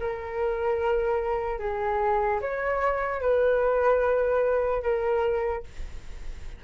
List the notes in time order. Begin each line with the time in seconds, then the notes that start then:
0.00 A#4
1.59 G#4
2.41 C#5
3.21 B4
4.83 A#4